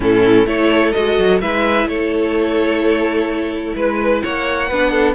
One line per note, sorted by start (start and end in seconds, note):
0.00 0.45 A2
0.00 0.46 C#4
0.00 0.47 E4
0.00 0.46 A4
0.45 0.92 A3
0.45 0.93 E4
0.45 1.41 A4
0.45 0.92 C#5
0.92 1.18 G#3
0.92 1.41 F#4
0.92 1.38 D#5
1.18 1.41 F#3
1.41 1.85 G#3
1.41 4.69 E4
1.41 1.88 B4
1.41 1.87 E5
1.85 3.73 A3
1.85 3.76 A4
1.85 3.75 C#5
3.75 4.22 G#3
3.75 4.22 B4
3.75 4.23 B4
4.22 4.70 A#3
4.22 4.68 C#5
4.22 5.14 F#5
4.68 5.14 B3
4.68 5.14 D4
4.68 4.91 B4
4.91 5.14 A4